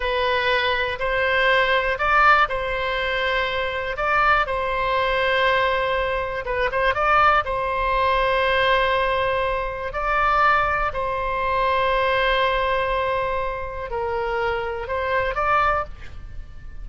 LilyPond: \new Staff \with { instrumentName = "oboe" } { \time 4/4 \tempo 4 = 121 b'2 c''2 | d''4 c''2. | d''4 c''2.~ | c''4 b'8 c''8 d''4 c''4~ |
c''1 | d''2 c''2~ | c''1 | ais'2 c''4 d''4 | }